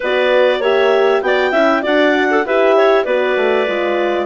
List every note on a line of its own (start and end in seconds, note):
0.00 0.59 B3
0.00 0.62 F#4
0.00 0.59 B4
0.00 0.63 D5
0.59 1.20 A#3
0.59 1.22 G4
0.59 1.21 C#5
0.59 1.22 E5
1.21 1.52 B3
1.21 1.52 F#4
1.21 1.51 D5
1.21 1.83 G5
1.51 1.82 C#4
1.51 1.82 E4
1.51 1.82 E5
1.82 2.45 D4
1.82 2.43 F#4
1.82 2.28 D5
1.82 2.46 F#5
2.30 2.45 A4
2.45 3.05 E4
2.45 3.06 G4
2.45 2.77 B4
2.45 3.04 E5
2.77 3.05 C#5
3.04 3.36 B3
3.04 3.67 F#4
3.04 4.26 B4
3.04 4.26 D5
3.36 3.67 A3
3.67 4.26 G#3
3.67 4.26 F4